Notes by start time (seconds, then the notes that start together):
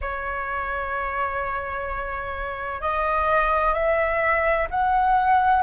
0.01 C#5
2.81 D#5
3.74 E5
4.70 F#5